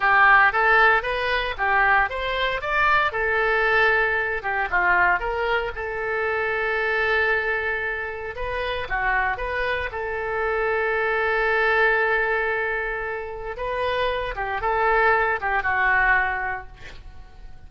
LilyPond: \new Staff \with { instrumentName = "oboe" } { \time 4/4 \tempo 4 = 115 g'4 a'4 b'4 g'4 | c''4 d''4 a'2~ | a'8 g'8 f'4 ais'4 a'4~ | a'1 |
b'4 fis'4 b'4 a'4~ | a'1~ | a'2 b'4. g'8 | a'4. g'8 fis'2 | }